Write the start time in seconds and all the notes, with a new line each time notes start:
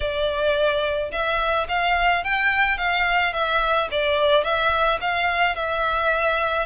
0.00 D5
1.11 E5
1.68 F5
2.23 G5
2.77 F5
3.33 E5
3.91 D5
4.43 E5
5.00 F5
5.55 E5